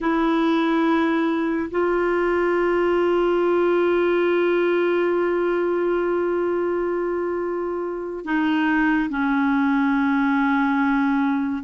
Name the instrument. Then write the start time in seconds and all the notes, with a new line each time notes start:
clarinet
0.00 E4
1.71 F4
8.24 D#4
9.09 C#4